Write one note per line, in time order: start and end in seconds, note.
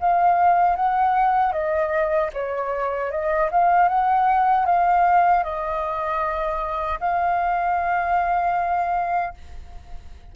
0.00 0.76 F5
0.76 1.52 F#5
1.52 2.30 D#5
2.33 3.11 C#5
3.11 3.50 D#5
3.51 3.88 F5
3.88 4.65 F#5
4.65 5.43 F5
5.43 6.99 D#5
7.00 9.34 F5